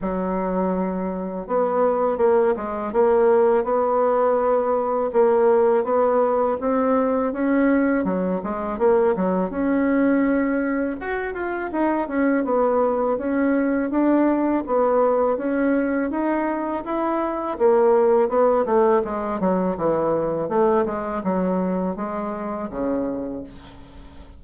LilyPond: \new Staff \with { instrumentName = "bassoon" } { \time 4/4 \tempo 4 = 82 fis2 b4 ais8 gis8 | ais4 b2 ais4 | b4 c'4 cis'4 fis8 gis8 | ais8 fis8 cis'2 fis'8 f'8 |
dis'8 cis'8 b4 cis'4 d'4 | b4 cis'4 dis'4 e'4 | ais4 b8 a8 gis8 fis8 e4 | a8 gis8 fis4 gis4 cis4 | }